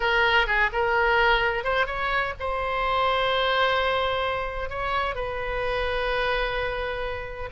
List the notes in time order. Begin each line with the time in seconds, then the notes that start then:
0.00 A#4
0.46 G#4
0.72 A#4
1.63 C5
1.86 C#5
2.39 C5
4.69 C#5
5.15 B4